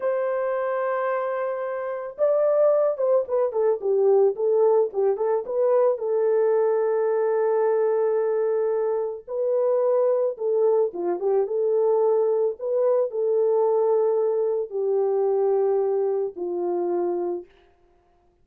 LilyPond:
\new Staff \with { instrumentName = "horn" } { \time 4/4 \tempo 4 = 110 c''1 | d''4. c''8 b'8 a'8 g'4 | a'4 g'8 a'8 b'4 a'4~ | a'1~ |
a'4 b'2 a'4 | f'8 g'8 a'2 b'4 | a'2. g'4~ | g'2 f'2 | }